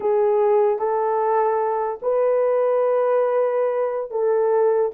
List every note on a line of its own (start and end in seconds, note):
0.00 0.79 G#4
0.79 1.99 A4
2.02 4.10 B4
4.10 4.91 A4